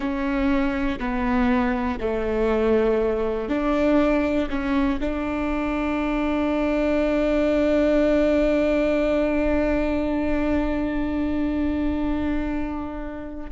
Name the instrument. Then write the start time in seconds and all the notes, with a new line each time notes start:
viola
0.00 C#4
0.99 B3
2.00 A3
3.48 D4
4.49 C#4
5.00 D4